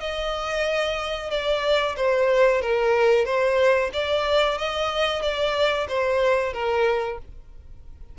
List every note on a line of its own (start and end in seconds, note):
0.00 1.30 D#5
1.30 1.96 D5
1.96 2.61 C5
2.61 3.25 A#4
3.25 3.90 C5
3.93 4.58 D5
4.58 5.22 D#5
5.22 5.87 D5
5.88 6.53 C5
6.53 7.18 A#4